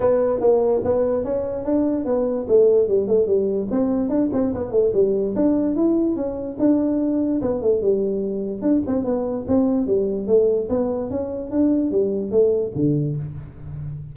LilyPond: \new Staff \with { instrumentName = "tuba" } { \time 4/4 \tempo 4 = 146 b4 ais4 b4 cis'4 | d'4 b4 a4 g8 a8 | g4 c'4 d'8 c'8 b8 a8 | g4 d'4 e'4 cis'4 |
d'2 b8 a8 g4~ | g4 d'8 c'8 b4 c'4 | g4 a4 b4 cis'4 | d'4 g4 a4 d4 | }